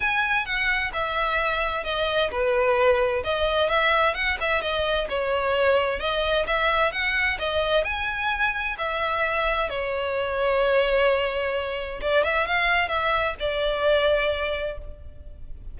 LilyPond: \new Staff \with { instrumentName = "violin" } { \time 4/4 \tempo 4 = 130 gis''4 fis''4 e''2 | dis''4 b'2 dis''4 | e''4 fis''8 e''8 dis''4 cis''4~ | cis''4 dis''4 e''4 fis''4 |
dis''4 gis''2 e''4~ | e''4 cis''2.~ | cis''2 d''8 e''8 f''4 | e''4 d''2. | }